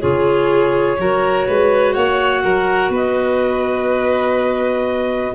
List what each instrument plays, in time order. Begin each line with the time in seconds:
0.00 tuba C#3, clarinet F4 C#5, violin G#4
0.98 tuba F#3, clarinet F#4, violin A#4
1.47 tuba G#3, violin B4
1.93 tuba A#3, violin C#5, clarinet F#5
2.43 tuba F#3, violin A#4
2.89 tuba B3, violin B4
2.95 clarinet D#5